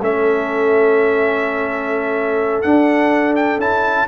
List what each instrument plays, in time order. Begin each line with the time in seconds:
0.00 tuba A3, trombone C#4, horn A4, trumpet E5
2.62 trombone D4, tuba D4, trumpet F#5
3.35 trumpet G5
3.57 tuba C#4, trombone E4, trumpet A5